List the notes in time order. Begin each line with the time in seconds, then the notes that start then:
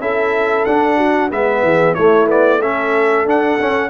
0.00 C#4 E4 A4 E5
0.66 D4 F#5
0.98 F#4
1.30 G#3 B3 B4 E5
1.63 E3 G#4
1.95 A3 E4 C#5
2.27 B3 D5
2.60 C#4 A4 E5
3.26 D4 F#5
3.60 C#4